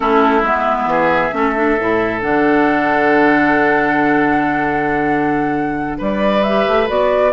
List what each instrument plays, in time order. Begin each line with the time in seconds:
0.00 bassoon A3, clarinet C#4, oboe E4, flute A4
0.42 bassoon G#3, clarinet B3, flute E5
0.85 bassoon E3, oboe G#4
1.32 bassoon A3, clarinet C#4, oboe A4
1.55 clarinet D4
1.80 bassoon A2, clarinet E4
2.20 bassoon D3, clarinet D4, flute F#5
5.98 bassoon G3, oboe B4, flute D5
6.43 clarinet G4, flute E5
6.67 bassoon A3
6.87 bassoon B3, clarinet F#4, flute D5